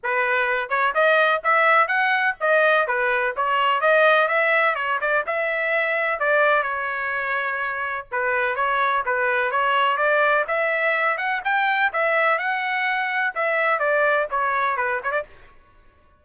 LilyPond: \new Staff \with { instrumentName = "trumpet" } { \time 4/4 \tempo 4 = 126 b'4. cis''8 dis''4 e''4 | fis''4 dis''4 b'4 cis''4 | dis''4 e''4 cis''8 d''8 e''4~ | e''4 d''4 cis''2~ |
cis''4 b'4 cis''4 b'4 | cis''4 d''4 e''4. fis''8 | g''4 e''4 fis''2 | e''4 d''4 cis''4 b'8 cis''16 d''16 | }